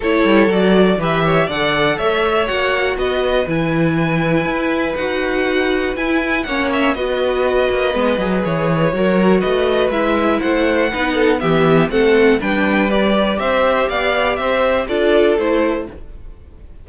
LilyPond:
<<
  \new Staff \with { instrumentName = "violin" } { \time 4/4 \tempo 4 = 121 cis''4 d''4 e''4 fis''4 | e''4 fis''4 dis''4 gis''4~ | gis''2 fis''2 | gis''4 fis''8 e''8 dis''2~ |
dis''4 cis''2 dis''4 | e''4 fis''2 e''4 | fis''4 g''4 d''4 e''4 | f''4 e''4 d''4 c''4 | }
  \new Staff \with { instrumentName = "violin" } { \time 4/4 a'2 b'8 cis''8 d''4 | cis''2 b'2~ | b'1~ | b'4 cis''4 b'2~ |
b'2 ais'4 b'4~ | b'4 c''4 b'8 a'8 g'4 | a'4 b'2 c''4 | d''4 c''4 a'2 | }
  \new Staff \with { instrumentName = "viola" } { \time 4/4 e'4 fis'4 g'4 a'4~ | a'4 fis'2 e'4~ | e'2 fis'2 | e'4 cis'4 fis'2 |
b8 gis'4. fis'2 | e'2 dis'4 b4 | c'4 d'4 g'2~ | g'2 f'4 e'4 | }
  \new Staff \with { instrumentName = "cello" } { \time 4/4 a8 g8 fis4 e4 d4 | a4 ais4 b4 e4~ | e4 e'4 dis'2 | e'4 ais4 b4. ais8 |
gis8 fis8 e4 fis4 a4 | gis4 a4 b4 e4 | a4 g2 c'4 | b4 c'4 d'4 a4 | }
>>